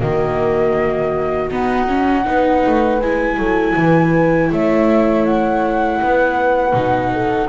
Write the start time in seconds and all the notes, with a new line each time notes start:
0.00 D#3 A#3 F#4 D#5
1.51 B3 D#4 F#5
1.88 C#4
2.25 B3 D#4 B4
2.67 A3
3.01 G#3 E4 G#5
3.37 F#3 A4
3.76 E3 B4
4.52 A3 C#5 E5
5.26 F#5
6.02 B3 B4
6.74 B2 D#4
7.14 A4